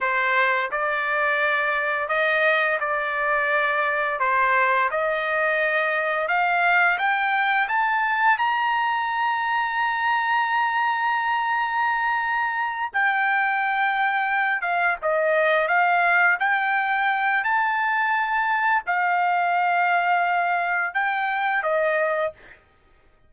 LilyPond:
\new Staff \with { instrumentName = "trumpet" } { \time 4/4 \tempo 4 = 86 c''4 d''2 dis''4 | d''2 c''4 dis''4~ | dis''4 f''4 g''4 a''4 | ais''1~ |
ais''2~ ais''8 g''4.~ | g''4 f''8 dis''4 f''4 g''8~ | g''4 a''2 f''4~ | f''2 g''4 dis''4 | }